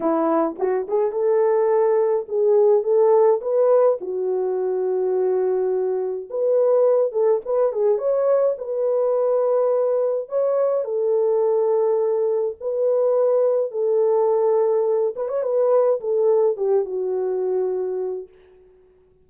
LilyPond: \new Staff \with { instrumentName = "horn" } { \time 4/4 \tempo 4 = 105 e'4 fis'8 gis'8 a'2 | gis'4 a'4 b'4 fis'4~ | fis'2. b'4~ | b'8 a'8 b'8 gis'8 cis''4 b'4~ |
b'2 cis''4 a'4~ | a'2 b'2 | a'2~ a'8 b'16 cis''16 b'4 | a'4 g'8 fis'2~ fis'8 | }